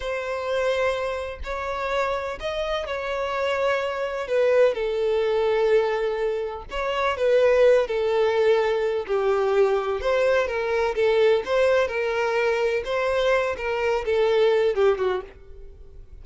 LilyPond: \new Staff \with { instrumentName = "violin" } { \time 4/4 \tempo 4 = 126 c''2. cis''4~ | cis''4 dis''4 cis''2~ | cis''4 b'4 a'2~ | a'2 cis''4 b'4~ |
b'8 a'2~ a'8 g'4~ | g'4 c''4 ais'4 a'4 | c''4 ais'2 c''4~ | c''8 ais'4 a'4. g'8 fis'8 | }